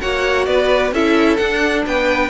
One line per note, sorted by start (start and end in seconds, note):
0.00 0.47 A#3
0.00 0.93 F#4
0.00 0.47 C#5
0.00 0.45 F#5
0.45 0.92 B3
0.45 0.94 B4
0.45 0.91 D5
0.92 1.38 C#4
0.92 1.38 E4
0.92 1.85 A4
0.92 1.37 E5
1.37 2.30 D4
1.37 1.86 D4
1.37 1.82 F#5
1.87 2.30 B3
1.87 2.30 B4
1.87 2.30 G5